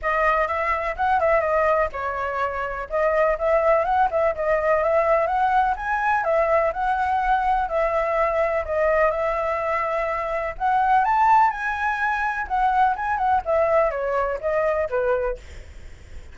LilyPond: \new Staff \with { instrumentName = "flute" } { \time 4/4 \tempo 4 = 125 dis''4 e''4 fis''8 e''8 dis''4 | cis''2 dis''4 e''4 | fis''8 e''8 dis''4 e''4 fis''4 | gis''4 e''4 fis''2 |
e''2 dis''4 e''4~ | e''2 fis''4 a''4 | gis''2 fis''4 gis''8 fis''8 | e''4 cis''4 dis''4 b'4 | }